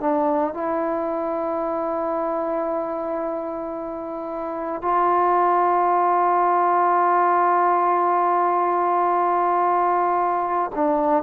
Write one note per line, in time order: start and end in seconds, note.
0.00 0.54 D4
0.54 4.82 E4
4.82 10.71 F4
10.75 11.23 D4